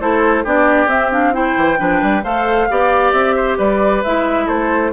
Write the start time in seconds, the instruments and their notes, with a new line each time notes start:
0.00 bassoon A3, clarinet E4, oboe A4, flute C5
0.44 bassoon B3, clarinet D4, oboe G4, flute D5
0.86 bassoon C4, clarinet C4, flute E5
1.11 clarinet D4, flute F5
1.33 clarinet E4, oboe C5, flute G5
1.57 bassoon E3
1.77 bassoon F3, clarinet D4, oboe B4
2.02 bassoon G3
2.23 bassoon A3, clarinet A4, oboe C5, flute F5
2.70 bassoon B3, clarinet G4, oboe D5
3.12 bassoon C4, flute E5
3.36 oboe C5
3.58 bassoon G3, oboe B4, flute D5
4.03 bassoon G#3, clarinet E4, flute E5
4.46 bassoon A3, oboe A4, flute C5